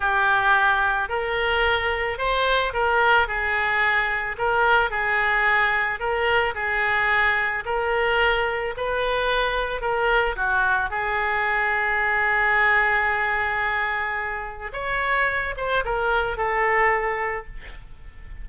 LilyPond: \new Staff \with { instrumentName = "oboe" } { \time 4/4 \tempo 4 = 110 g'2 ais'2 | c''4 ais'4 gis'2 | ais'4 gis'2 ais'4 | gis'2 ais'2 |
b'2 ais'4 fis'4 | gis'1~ | gis'2. cis''4~ | cis''8 c''8 ais'4 a'2 | }